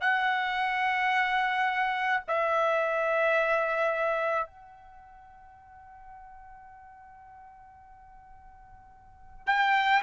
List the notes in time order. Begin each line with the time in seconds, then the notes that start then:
0.00 F#5
2.27 E5
4.46 F#5
9.46 G5